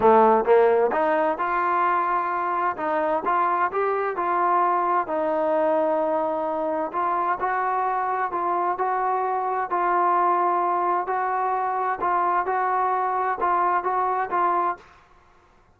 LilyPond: \new Staff \with { instrumentName = "trombone" } { \time 4/4 \tempo 4 = 130 a4 ais4 dis'4 f'4~ | f'2 dis'4 f'4 | g'4 f'2 dis'4~ | dis'2. f'4 |
fis'2 f'4 fis'4~ | fis'4 f'2. | fis'2 f'4 fis'4~ | fis'4 f'4 fis'4 f'4 | }